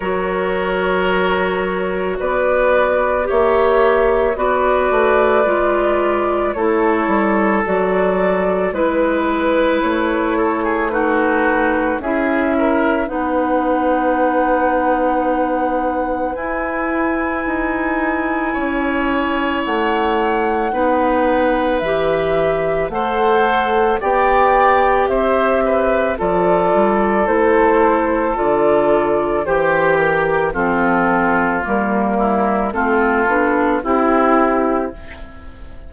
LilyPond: <<
  \new Staff \with { instrumentName = "flute" } { \time 4/4 \tempo 4 = 55 cis''2 d''4 e''4 | d''2 cis''4 d''4 | b'4 cis''4 b'4 e''4 | fis''2. gis''4~ |
gis''2 fis''2 | e''4 fis''4 g''4 e''4 | d''4 c''4 d''4 c''8 ais'8 | a'4 ais'4 a'4 g'4 | }
  \new Staff \with { instrumentName = "oboe" } { \time 4/4 ais'2 b'4 cis''4 | b'2 a'2 | b'4. a'16 gis'16 fis'4 gis'8 ais'8 | b'1~ |
b'4 cis''2 b'4~ | b'4 c''4 d''4 c''8 b'8 | a'2. g'4 | f'4. e'8 f'4 e'4 | }
  \new Staff \with { instrumentName = "clarinet" } { \time 4/4 fis'2. g'4 | fis'4 f'4 e'4 fis'4 | e'2 dis'4 e'4 | dis'2. e'4~ |
e'2. dis'4 | g'4 a'4 g'2 | f'4 e'4 f'4 g'4 | c'4 ais4 c'8 d'8 e'4 | }
  \new Staff \with { instrumentName = "bassoon" } { \time 4/4 fis2 b4 ais4 | b8 a8 gis4 a8 g8 fis4 | gis4 a2 cis'4 | b2. e'4 |
dis'4 cis'4 a4 b4 | e4 a4 b4 c'4 | f8 g8 a4 d4 e4 | f4 g4 a8 b8 c'4 | }
>>